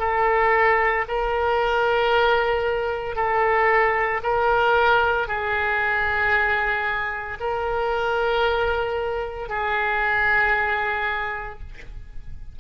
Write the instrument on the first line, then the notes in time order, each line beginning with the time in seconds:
oboe
0.00 A4
1.09 A#4
3.16 A4
4.24 A#4
5.28 G#4
7.41 A#4
9.49 G#4